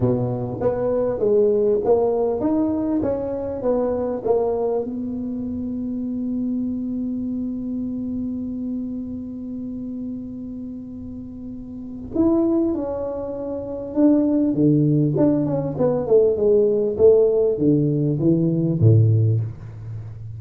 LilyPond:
\new Staff \with { instrumentName = "tuba" } { \time 4/4 \tempo 4 = 99 b,4 b4 gis4 ais4 | dis'4 cis'4 b4 ais4 | b1~ | b1~ |
b1 | e'4 cis'2 d'4 | d4 d'8 cis'8 b8 a8 gis4 | a4 d4 e4 a,4 | }